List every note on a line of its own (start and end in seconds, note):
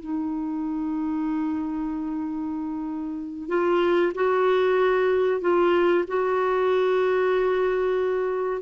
0.00 3.48 D#4
3.48 4.12 F4
4.14 5.41 F#4
5.41 6.04 F4
6.07 8.61 F#4